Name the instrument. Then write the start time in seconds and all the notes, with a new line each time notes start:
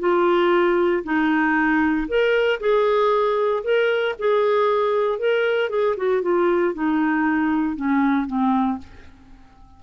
clarinet
0.00 F4
1.04 D#4
2.08 A#4
2.60 G#4
3.64 A#4
4.19 G#4
5.19 A#4
5.70 G#4
5.97 F#4
6.22 F4
6.74 D#4
7.76 C#4
8.27 C4